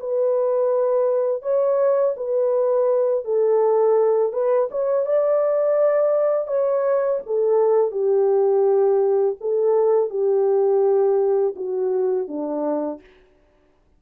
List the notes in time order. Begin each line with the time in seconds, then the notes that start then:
0.00 B4
1.43 C#5
2.17 B4
3.25 A4
4.33 B4
4.71 C#5
5.06 D5
6.48 C#5
7.27 A4
7.92 G4
9.41 A4
10.10 G4
11.56 F#4
12.28 D4